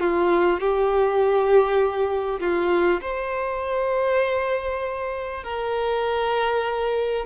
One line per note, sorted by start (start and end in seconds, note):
0.00 0.60 F4
0.60 2.40 G4
2.40 3.01 F4
3.01 5.44 C5
5.44 7.26 A#4